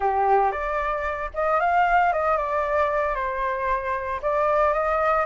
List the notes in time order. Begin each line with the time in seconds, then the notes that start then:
0.00 G4
0.51 D5
1.34 D#5
1.60 F5
2.12 D#5
2.37 D5
3.15 C5
4.22 D5
4.73 D#5